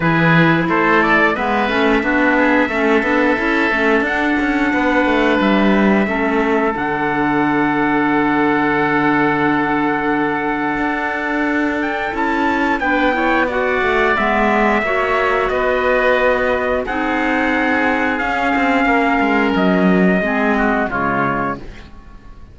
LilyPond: <<
  \new Staff \with { instrumentName = "trumpet" } { \time 4/4 \tempo 4 = 89 b'4 c''8 d''8 e''2~ | e''2 fis''2 | e''2 fis''2~ | fis''1~ |
fis''4. g''8 a''4 g''4 | fis''4 e''2 dis''4~ | dis''4 fis''2 f''4~ | f''4 dis''2 cis''4 | }
  \new Staff \with { instrumentName = "oboe" } { \time 4/4 gis'4 a'4 b'4 fis'8 gis'8 | a'2. b'4~ | b'4 a'2.~ | a'1~ |
a'2. b'8 cis''8 | d''2 cis''4 b'4~ | b'4 gis'2. | ais'2 gis'8 fis'8 f'4 | }
  \new Staff \with { instrumentName = "clarinet" } { \time 4/4 e'2 b8 cis'8 d'4 | cis'8 d'8 e'8 cis'8 d'2~ | d'4 cis'4 d'2~ | d'1~ |
d'2 e'4 d'8 e'8 | fis'4 b4 fis'2~ | fis'4 dis'2 cis'4~ | cis'2 c'4 gis4 | }
  \new Staff \with { instrumentName = "cello" } { \time 4/4 e4 a4 gis8 a8 b4 | a8 b8 cis'8 a8 d'8 cis'8 b8 a8 | g4 a4 d2~ | d1 |
d'2 cis'4 b4~ | b8 a8 gis4 ais4 b4~ | b4 c'2 cis'8 c'8 | ais8 gis8 fis4 gis4 cis4 | }
>>